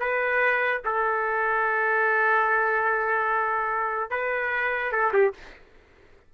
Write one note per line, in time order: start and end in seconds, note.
0.00 0.82 B4
0.85 4.11 A4
4.11 4.92 B4
4.92 5.13 A4
5.14 5.34 G4